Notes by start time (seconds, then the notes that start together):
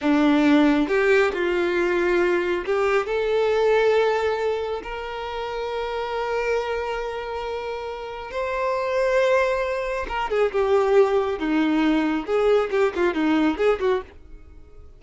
0.01 D4
0.87 G4
1.33 F4
2.65 G4
3.06 A4
4.83 A#4
8.31 C5
10.08 A#4
10.29 G#4
10.52 G4
11.39 D#4
12.26 G#4
12.70 G4
12.95 F4
13.14 D#4
13.57 G#4
13.80 F#4